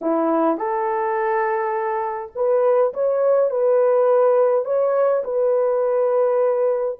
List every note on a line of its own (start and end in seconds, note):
0.01 0.57 E4
0.57 2.32 A4
2.35 2.93 B4
2.93 3.50 C#5
3.50 4.64 B4
4.64 5.23 C#5
5.23 6.98 B4